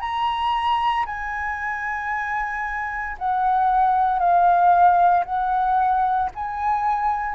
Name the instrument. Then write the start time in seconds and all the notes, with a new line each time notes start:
flute
0.00 A#5
1.06 G#5
3.18 F#5
4.19 F5
5.25 F#5
6.35 G#5